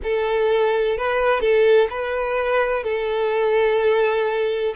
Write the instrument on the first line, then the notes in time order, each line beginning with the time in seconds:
violin
0.03 A4
0.97 B4
1.40 A4
1.90 B4
2.83 A4